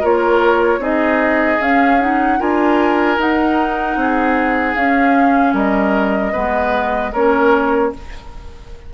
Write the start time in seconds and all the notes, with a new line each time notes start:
0.00 A#3 F4 A#4 C#5
0.78 C4 D#4 G#4 D#5
1.60 C#4 F5
2.00 D#4 F#5
2.38 D4 F4 A#4 G#5
3.17 D#4 F#5
3.95 C4 G#4
4.75 C#4 F5
5.53 G3 A#4 D#5
6.32 G#3 B3 B4
7.12 A#3 C#4 A#4 C#5